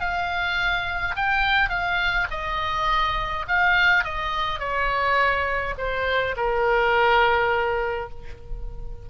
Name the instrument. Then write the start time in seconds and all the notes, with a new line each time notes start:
oboe
0.00 F5
1.16 G5
1.69 F5
2.31 D#5
3.48 F5
4.04 D#5
4.59 C#5
5.77 C5
6.37 A#4